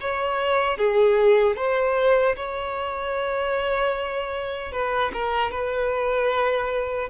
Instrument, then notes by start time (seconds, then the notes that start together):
violin
0.00 C#5
0.77 G#4
1.56 C5
2.35 C#5
4.72 B4
5.13 A#4
5.51 B4